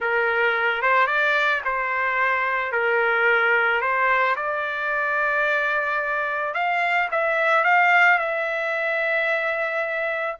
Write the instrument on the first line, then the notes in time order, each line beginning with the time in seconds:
trumpet
0.00 A#4
0.82 C5
1.06 D5
1.64 C5
2.71 A#4
3.81 C5
4.36 D5
6.54 F5
7.11 E5
7.64 F5
8.18 E5